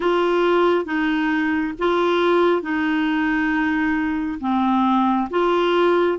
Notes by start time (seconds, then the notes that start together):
0.00 F4
0.85 D#4
1.78 F4
2.62 D#4
4.40 C4
5.30 F4